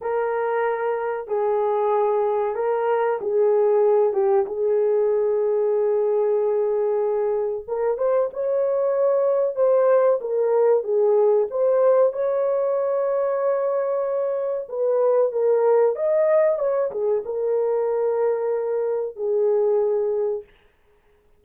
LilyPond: \new Staff \with { instrumentName = "horn" } { \time 4/4 \tempo 4 = 94 ais'2 gis'2 | ais'4 gis'4. g'8 gis'4~ | gis'1 | ais'8 c''8 cis''2 c''4 |
ais'4 gis'4 c''4 cis''4~ | cis''2. b'4 | ais'4 dis''4 cis''8 gis'8 ais'4~ | ais'2 gis'2 | }